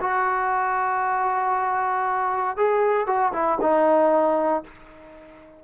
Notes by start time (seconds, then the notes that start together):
0.00 F#4
2.56 G#4
3.07 F#4
3.32 E4
3.61 D#4